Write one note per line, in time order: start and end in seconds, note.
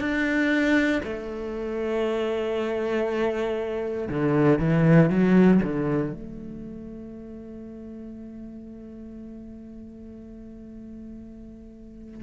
0.00 1.02 D4
1.04 4.09 A3
4.10 4.59 D3
4.59 5.10 E3
5.10 5.61 F#3
5.63 6.13 D3
6.13 12.23 A3